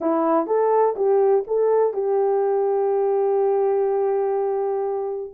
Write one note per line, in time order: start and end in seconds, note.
0.00 0.47 E4
0.47 0.95 A4
0.96 1.44 G4
1.47 1.93 A4
1.93 5.32 G4